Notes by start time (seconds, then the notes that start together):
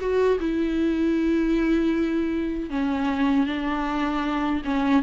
0.00 F#4
0.40 E4
2.70 C#4
3.47 D4
4.65 C#4